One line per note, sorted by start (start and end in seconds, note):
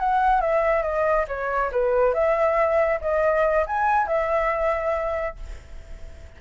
0.00 0.42 F#5
0.42 0.83 E5
0.83 1.26 D#5
1.29 1.72 C#5
1.72 2.14 B4
2.14 3.00 E5
3.02 3.66 D#5
3.67 4.08 G#5
4.08 5.37 E5